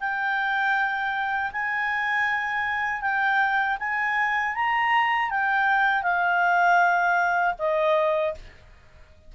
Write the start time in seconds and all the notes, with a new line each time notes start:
0.00 G5
1.53 G#5
3.02 G5
3.80 G#5
4.55 A#5
5.31 G5
6.03 F5
7.59 D#5